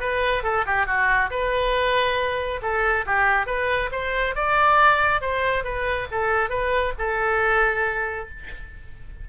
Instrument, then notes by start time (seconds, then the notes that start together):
oboe
0.00 B4
0.43 A4
0.66 G4
0.87 F#4
1.30 B4
2.62 A4
3.06 G4
3.46 B4
3.92 C5
4.35 D5
5.21 C5
5.64 B4
6.11 A4
6.50 B4
6.98 A4